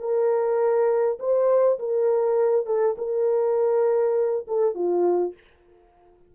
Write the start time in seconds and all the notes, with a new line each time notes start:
0.00 A#4
1.20 C5
1.80 A#4
2.67 A4
2.98 A#4
4.48 A4
4.75 F4